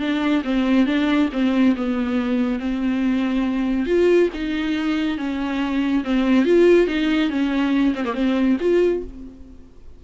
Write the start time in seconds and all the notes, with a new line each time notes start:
0.00 D4
0.44 C4
0.87 D4
1.33 C4
1.77 B3
2.60 C4
3.86 F4
4.34 D#4
5.18 C#4
6.04 C4
6.45 F4
6.87 D#4
7.30 C#4
7.95 C4
8.05 A#3
8.14 C4
8.60 F4